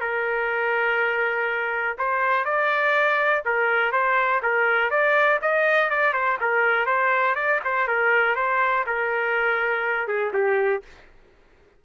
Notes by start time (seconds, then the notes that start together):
0.00 A#4
1.98 C5
2.45 D5
3.45 A#4
3.91 C5
4.42 A#4
4.90 D5
5.41 D#5
5.89 D5
6.13 C5
6.40 A#4
6.86 C5
7.35 D5
7.64 C5
7.87 A#4
8.35 C5
8.86 A#4
10.07 G#4
10.33 G4